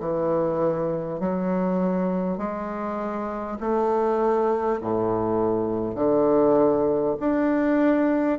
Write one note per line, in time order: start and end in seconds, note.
0.00 1.19 E3
1.19 2.38 F#3
2.38 3.58 G#3
3.60 4.80 A3
4.81 5.95 A2
5.95 7.15 D3
7.20 8.39 D4